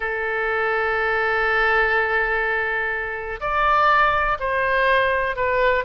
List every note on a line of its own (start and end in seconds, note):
0.00 3.40 A4
3.40 4.38 D5
4.39 5.35 C5
5.35 5.84 B4